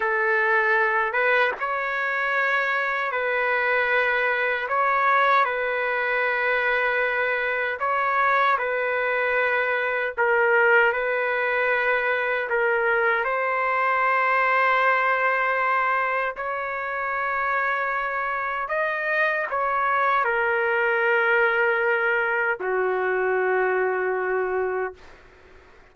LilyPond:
\new Staff \with { instrumentName = "trumpet" } { \time 4/4 \tempo 4 = 77 a'4. b'8 cis''2 | b'2 cis''4 b'4~ | b'2 cis''4 b'4~ | b'4 ais'4 b'2 |
ais'4 c''2.~ | c''4 cis''2. | dis''4 cis''4 ais'2~ | ais'4 fis'2. | }